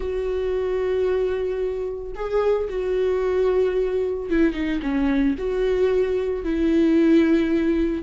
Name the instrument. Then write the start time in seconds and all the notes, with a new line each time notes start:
viola
0.00 F#4
2.15 G#4
2.69 F#4
4.30 E4
4.53 D#4
4.82 C#4
5.37 F#4
6.43 E4